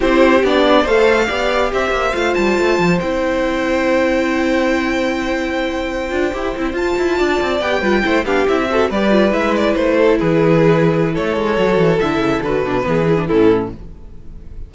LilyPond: <<
  \new Staff \with { instrumentName = "violin" } { \time 4/4 \tempo 4 = 140 c''4 d''4 f''2 | e''4 f''8 a''4. g''4~ | g''1~ | g''2.~ g''8. a''16~ |
a''4.~ a''16 g''4. f''8 e''16~ | e''8. d''4 e''8 d''8 c''4 b'16~ | b'2 cis''2 | e''4 b'2 a'4 | }
  \new Staff \with { instrumentName = "violin" } { \time 4/4 g'2 c''4 d''4 | c''1~ | c''1~ | c''1~ |
c''8. d''4. b'8 c''8 g'8.~ | g'16 a'8 b'2~ b'8 a'8 gis'16~ | gis'2 a'2~ | a'2 gis'4 e'4 | }
  \new Staff \with { instrumentName = "viola" } { \time 4/4 e'4 d'4 a'4 g'4~ | g'4 f'2 e'4~ | e'1~ | e'2~ e'16 f'8 g'8 e'8 f'16~ |
f'4.~ f'16 g'8 f'8 e'8 d'8 e'16~ | e'16 fis'8 g'8 f'8 e'2~ e'16~ | e'2. fis'4 | e'4 fis'8 d'8 b8 e'16 d'16 cis'4 | }
  \new Staff \with { instrumentName = "cello" } { \time 4/4 c'4 b4 a4 b4 | c'8 ais8 a8 g8 a8 f8 c'4~ | c'1~ | c'2~ c'16 d'8 e'8 c'8 f'16~ |
f'16 e'8 d'8 c'8 b8 g8 a8 b8 c'16~ | c'8. g4 gis4 a4 e16~ | e2 a8 gis8 fis8 e8 | d8 cis8 d8 b,8 e4 a,4 | }
>>